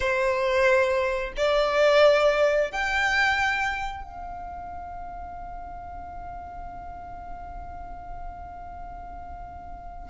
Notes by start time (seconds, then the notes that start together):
0.00 C5
1.37 D5
2.71 G5
4.03 F5